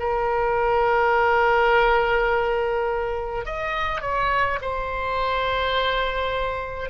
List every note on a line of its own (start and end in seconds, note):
0.00 3.46 A#4
3.46 4.02 D#5
4.02 4.59 C#5
4.62 6.90 C5